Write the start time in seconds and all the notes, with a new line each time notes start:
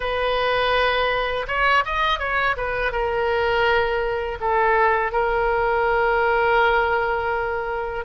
0.00 B4
1.47 C#5
1.85 D#5
2.19 C#5
2.56 B4
2.91 A#4
4.40 A4
5.12 A#4